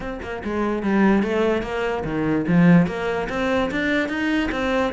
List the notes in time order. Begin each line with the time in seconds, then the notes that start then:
0.00 C4
0.22 A#3
0.44 G#3
0.82 G3
1.23 A3
1.62 A#3
2.04 D#3
2.47 F3
2.87 A#3
3.29 C4
3.71 D4
4.08 D#4
4.51 C4